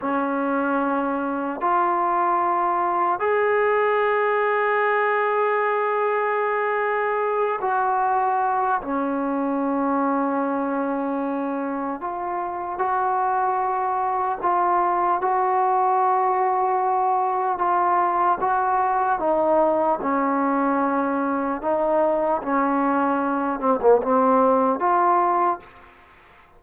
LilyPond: \new Staff \with { instrumentName = "trombone" } { \time 4/4 \tempo 4 = 75 cis'2 f'2 | gis'1~ | gis'4. fis'4. cis'4~ | cis'2. f'4 |
fis'2 f'4 fis'4~ | fis'2 f'4 fis'4 | dis'4 cis'2 dis'4 | cis'4. c'16 ais16 c'4 f'4 | }